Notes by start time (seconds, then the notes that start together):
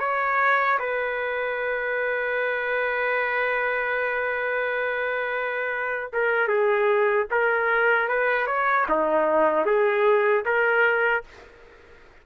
0.00 C#5
0.79 B4
6.13 A#4
6.48 G#4
7.31 A#4
8.08 B4
8.47 C#5
8.89 D#4
9.66 G#4
10.45 A#4